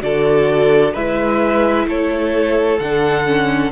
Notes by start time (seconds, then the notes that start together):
0.00 D3 F#4 A4 D5
0.93 G#3 E4 B4 E5
1.86 A3 A4 C#5
2.79 D3 D4 F#5
3.25 C#4